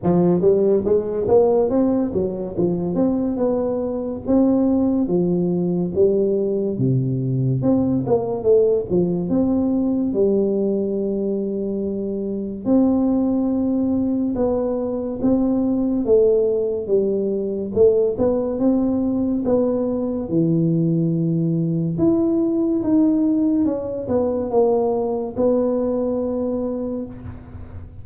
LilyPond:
\new Staff \with { instrumentName = "tuba" } { \time 4/4 \tempo 4 = 71 f8 g8 gis8 ais8 c'8 fis8 f8 c'8 | b4 c'4 f4 g4 | c4 c'8 ais8 a8 f8 c'4 | g2. c'4~ |
c'4 b4 c'4 a4 | g4 a8 b8 c'4 b4 | e2 e'4 dis'4 | cis'8 b8 ais4 b2 | }